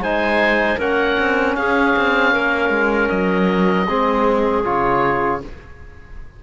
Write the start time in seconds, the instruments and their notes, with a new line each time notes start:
0.00 cello G#3, trombone D#4, clarinet C5, oboe G#5
0.78 cello A#3, trombone C#4, clarinet A#4, oboe F#5
1.20 cello C4
1.56 cello C#4, clarinet G#4, oboe F5
1.97 cello C4
2.33 cello A#3, clarinet A#4
2.70 cello G#3
3.09 cello F#3, oboe D#5
3.88 cello G#3, trombone C4, clarinet G#4
4.65 cello C#3, trombone F4, oboe C#5